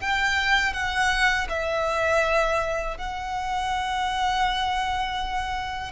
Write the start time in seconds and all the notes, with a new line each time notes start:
0.00 G5
0.73 F#5
1.49 E5
2.97 F#5